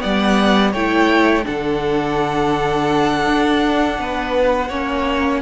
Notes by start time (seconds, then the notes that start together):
0.00 G3 B3 D5 F#5
0.72 A3 E4 C#5 G5
1.44 D3 D4 A4 F#5
3.27 D4
3.99 B3 B4
4.69 A#3 C#4 C#5